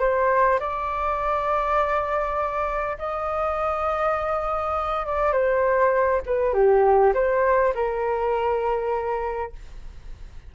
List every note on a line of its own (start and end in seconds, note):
0.00 0.59 C5
0.60 2.98 D5
2.99 5.06 D#5
5.06 5.33 D5
5.33 6.22 C5
6.26 6.54 B4
6.54 7.14 G4
7.14 7.74 C5
7.75 9.53 A#4